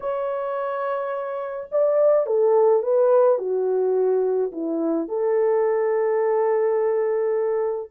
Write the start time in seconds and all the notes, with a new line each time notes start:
0.00 C#5
1.71 D5
2.26 A4
2.83 B4
3.38 F#4
4.52 E4
5.08 A4